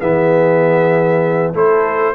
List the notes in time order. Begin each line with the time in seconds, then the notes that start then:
0.00 E3 B3 G#4 E5
1.53 A3 E4 A4 C5